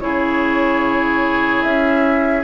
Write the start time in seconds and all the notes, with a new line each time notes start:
0.00 C#3 E4 G#4 C#5
1.62 C#4 E5